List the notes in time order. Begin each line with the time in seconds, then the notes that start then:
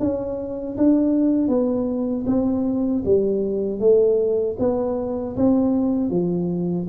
0.00 C#4
0.78 D4
1.48 B3
2.27 C4
3.06 G3
3.80 A3
4.59 B3
5.37 C4
6.10 F3